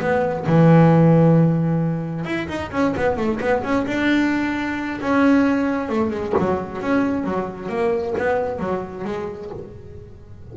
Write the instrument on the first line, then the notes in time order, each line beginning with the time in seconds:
double bass
0.00 B3
0.46 E3
2.25 E4
2.48 D#4
2.71 C#4
2.96 B3
3.17 A3
3.40 B3
3.63 C#4
3.87 D4
5.01 C#4
5.89 A3
6.11 G#3
6.39 F#3
6.81 C#4
7.24 F#3
7.69 A#3
8.18 B3
8.60 F#3
9.05 G#3